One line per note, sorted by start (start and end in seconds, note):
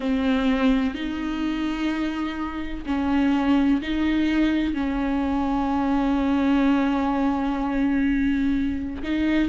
0.00 0.94 C4
0.94 2.84 D#4
2.86 3.81 C#4
3.81 4.74 D#4
4.74 9.02 C#4
9.02 9.48 D#4